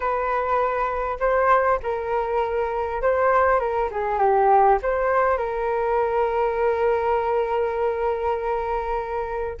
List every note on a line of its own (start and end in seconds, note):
0.00 1.18 B4
1.19 1.79 C5
1.82 3.02 A#4
3.02 3.59 C5
3.59 3.89 A#4
3.91 4.18 G#4
4.18 4.78 G4
4.82 5.37 C5
5.37 9.57 A#4